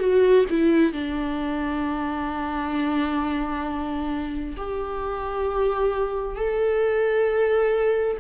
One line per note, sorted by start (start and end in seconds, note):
0.00 0.45 F#4
0.50 0.93 E4
0.93 4.57 D4
4.57 6.36 G4
6.36 8.18 A4